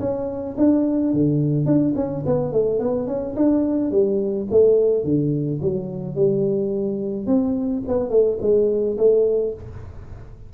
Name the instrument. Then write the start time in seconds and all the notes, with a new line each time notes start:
tuba
0.00 C#4
0.58 D4
1.14 D3
1.66 D4
1.96 C#4
2.26 B3
2.53 A3
2.80 B3
3.08 C#4
3.36 D4
3.92 G3
4.51 A3
5.04 D3
5.62 F#3
6.16 G3
7.27 C4
7.88 B3
8.10 A3
8.42 G#3
8.98 A3